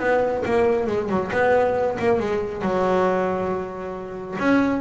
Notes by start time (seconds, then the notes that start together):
0.00 B3
0.46 A#3
0.88 G#3
1.09 F#3
1.32 B3
1.99 A#3
2.20 G#3
2.62 F#3
4.40 C#4